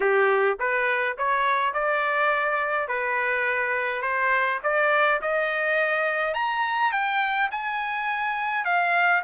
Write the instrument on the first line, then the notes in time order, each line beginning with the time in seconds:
trumpet
0.00 G4
0.59 B4
1.17 C#5
1.73 D5
2.88 B4
4.01 C5
4.63 D5
5.21 D#5
6.34 A#5
6.92 G5
7.51 G#5
8.64 F5